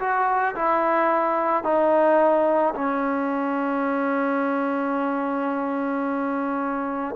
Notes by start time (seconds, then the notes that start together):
0.00 F#4
0.55 E4
1.64 D#4
2.75 C#4